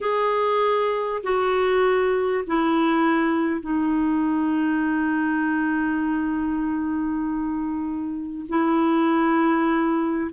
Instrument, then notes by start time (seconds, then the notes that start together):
clarinet
0.00 G#4
1.23 F#4
2.46 E4
3.61 D#4
8.48 E4